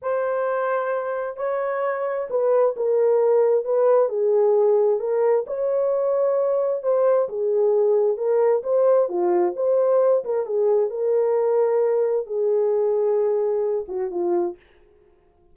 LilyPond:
\new Staff \with { instrumentName = "horn" } { \time 4/4 \tempo 4 = 132 c''2. cis''4~ | cis''4 b'4 ais'2 | b'4 gis'2 ais'4 | cis''2. c''4 |
gis'2 ais'4 c''4 | f'4 c''4. ais'8 gis'4 | ais'2. gis'4~ | gis'2~ gis'8 fis'8 f'4 | }